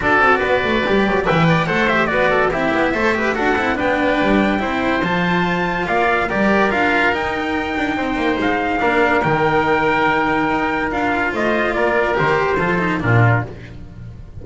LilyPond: <<
  \new Staff \with { instrumentName = "trumpet" } { \time 4/4 \tempo 4 = 143 d''2. g''4 | fis''8 e''8 d''4 e''2 | fis''4 g''2. | a''2 f''4 d''4 |
f''4 g''2. | f''2 g''2~ | g''2 f''4 dis''4 | d''4 c''2 ais'4 | }
  \new Staff \with { instrumentName = "oboe" } { \time 4/4 a'4 b'2 e''8 d''8 | c''4 b'8 a'8 g'4 c''8 b'8 | a'4 b'2 c''4~ | c''2 d''4 ais'4~ |
ais'2. c''4~ | c''4 ais'2.~ | ais'2. c''4 | ais'2 a'4 f'4 | }
  \new Staff \with { instrumentName = "cello" } { \time 4/4 fis'2 g'4 b'4 | a'8 g'8 fis'4 e'4 a'8 g'8 | fis'8 e'8 d'2 e'4 | f'2. g'4 |
f'4 dis'2.~ | dis'4 d'4 dis'2~ | dis'2 f'2~ | f'4 g'4 f'8 dis'8 d'4 | }
  \new Staff \with { instrumentName = "double bass" } { \time 4/4 d'8 c'8 b8 a8 g8 fis8 e4 | a4 b4 c'8 b8 a4 | d'8 c'8 b4 g4 c'4 | f2 ais4 g4 |
d'4 dis'4. d'8 c'8 ais8 | gis4 ais4 dis2~ | dis4 dis'4 d'4 a4 | ais4 dis4 f4 ais,4 | }
>>